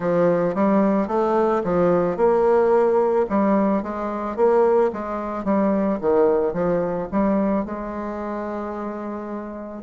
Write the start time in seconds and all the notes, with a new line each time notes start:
0.00 F3
0.55 G3
1.07 A3
1.64 F3
2.17 A#3
3.29 G3
3.82 G#3
4.36 A#3
4.92 G#3
5.44 G3
6.00 D#3
6.53 F3
7.12 G3
7.65 G#3